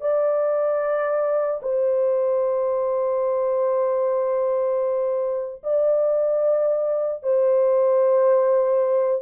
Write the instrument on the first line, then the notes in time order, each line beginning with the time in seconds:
horn
0.00 D5
1.62 C5
5.63 D5
7.23 C5